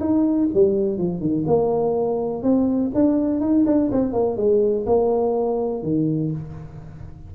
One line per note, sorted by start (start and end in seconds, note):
0.00 0.48 D#4
0.53 0.98 G3
0.98 1.20 F3
1.20 1.45 D#3
1.47 2.43 A#3
2.43 2.91 C4
2.95 3.40 D4
3.40 3.65 D#4
3.66 3.90 D4
3.91 4.13 C4
4.13 4.37 A#3
4.37 4.85 G#3
4.86 5.83 A#3
5.83 6.31 D#3